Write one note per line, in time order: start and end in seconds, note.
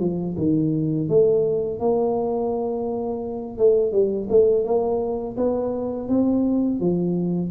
0.00 0.36 F3
0.37 1.09 D#3
1.09 1.79 A3
1.79 3.58 A#3
3.58 3.92 A3
3.92 4.28 G3
4.29 4.65 A3
4.65 5.36 A#3
5.37 6.08 B3
6.08 6.80 C4
6.80 7.51 F3